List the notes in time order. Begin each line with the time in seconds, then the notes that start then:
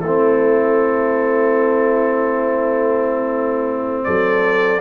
0.00 A3 C4 E4 A4
4.04 F#3 A4 D5